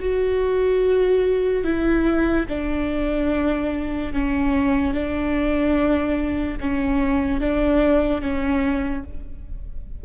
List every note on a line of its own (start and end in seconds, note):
0.00 1.64 F#4
1.64 2.47 E4
2.49 4.13 D4
4.13 4.94 C#4
4.94 6.58 D4
6.61 7.40 C#4
7.40 8.22 D4
8.22 9.04 C#4